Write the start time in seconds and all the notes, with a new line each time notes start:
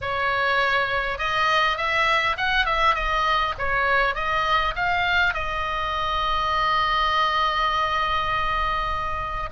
0.01 C#5
1.18 D#5
1.77 E5
2.37 F#5
2.65 E5
2.94 D#5
3.58 C#5
4.14 D#5
4.75 F5
5.34 D#5